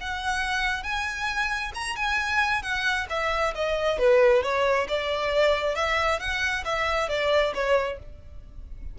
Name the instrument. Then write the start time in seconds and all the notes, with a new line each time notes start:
violin
0.00 F#5
0.83 G#5
1.74 A#5
1.95 G#5
2.62 F#5
3.09 E5
3.54 D#5
3.98 B4
4.42 C#5
4.88 D5
5.75 E5
6.19 F#5
6.64 E5
7.08 D5
7.54 C#5